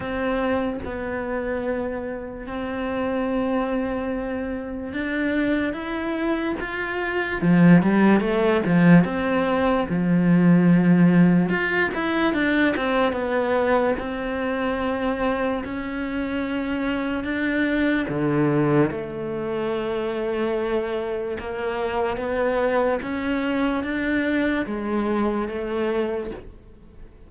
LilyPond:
\new Staff \with { instrumentName = "cello" } { \time 4/4 \tempo 4 = 73 c'4 b2 c'4~ | c'2 d'4 e'4 | f'4 f8 g8 a8 f8 c'4 | f2 f'8 e'8 d'8 c'8 |
b4 c'2 cis'4~ | cis'4 d'4 d4 a4~ | a2 ais4 b4 | cis'4 d'4 gis4 a4 | }